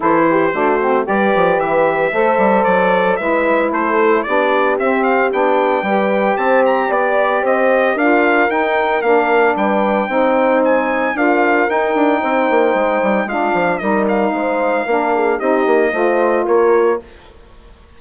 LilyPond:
<<
  \new Staff \with { instrumentName = "trumpet" } { \time 4/4 \tempo 4 = 113 c''2 d''4 e''4~ | e''4 d''4 e''4 c''4 | d''4 e''8 f''8 g''2 | a''8 ais''8 d''4 dis''4 f''4 |
g''4 f''4 g''2 | gis''4 f''4 g''2~ | g''4 f''4 dis''8 f''4.~ | f''4 dis''2 cis''4 | }
  \new Staff \with { instrumentName = "horn" } { \time 4/4 a'8 g'8 fis'4 b'2 | c''2 b'4 a'4 | g'2. b'4 | c''4 d''4 c''4 ais'4~ |
ais'2 b'4 c''4~ | c''4 ais'2 c''4~ | c''4 f'4 ais'4 c''4 | ais'8 gis'8 g'4 c''4 ais'4 | }
  \new Staff \with { instrumentName = "saxophone" } { \time 4/4 e'4 d'8 c'8 g'2 | a'2 e'2 | d'4 c'4 d'4 g'4~ | g'2. f'4 |
dis'4 d'2 dis'4~ | dis'4 f'4 dis'2~ | dis'4 d'4 dis'2 | d'4 dis'4 f'2 | }
  \new Staff \with { instrumentName = "bassoon" } { \time 4/4 e4 a4 g8 f8 e4 | a8 g8 fis4 gis4 a4 | b4 c'4 b4 g4 | c'4 b4 c'4 d'4 |
dis'4 ais4 g4 c'4~ | c'4 d'4 dis'8 d'8 c'8 ais8 | gis8 g8 gis8 f8 g4 gis4 | ais4 c'8 ais8 a4 ais4 | }
>>